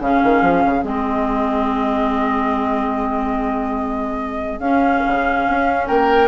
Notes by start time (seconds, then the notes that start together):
0.00 C#3 C#4 G#4 F5
0.23 D#3
0.42 F3
0.66 C#3
0.82 G#3 C4 D#5
4.60 C#4 F5
5.07 C#3
5.48 C#4
5.87 A#3 A#4 G5